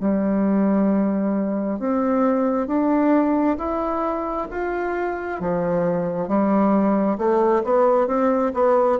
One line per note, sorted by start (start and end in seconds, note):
0.00 1.79 G3
1.79 2.67 C4
2.67 3.57 D4
3.57 4.47 E4
4.51 5.40 F4
5.40 6.28 F3
6.28 7.17 G3
7.18 7.62 A3
7.64 8.07 B3
8.07 8.52 C4
8.54 8.99 B3